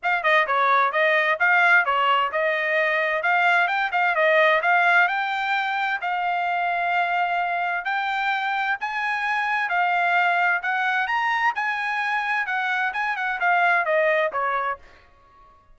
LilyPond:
\new Staff \with { instrumentName = "trumpet" } { \time 4/4 \tempo 4 = 130 f''8 dis''8 cis''4 dis''4 f''4 | cis''4 dis''2 f''4 | g''8 f''8 dis''4 f''4 g''4~ | g''4 f''2.~ |
f''4 g''2 gis''4~ | gis''4 f''2 fis''4 | ais''4 gis''2 fis''4 | gis''8 fis''8 f''4 dis''4 cis''4 | }